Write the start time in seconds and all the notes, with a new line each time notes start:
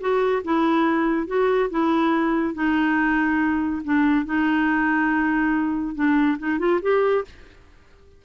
0.00 F#4
0.44 E4
1.27 F#4
1.70 E4
2.54 D#4
3.84 D4
4.25 D#4
5.95 D4
6.39 D#4
6.59 F4
6.82 G4